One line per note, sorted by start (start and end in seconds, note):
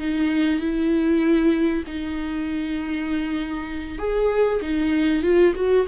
0.00 0.60 D#4
0.60 1.84 E4
1.87 3.99 D#4
3.99 4.61 G#4
4.62 5.23 D#4
5.23 5.54 F4
5.56 5.87 F#4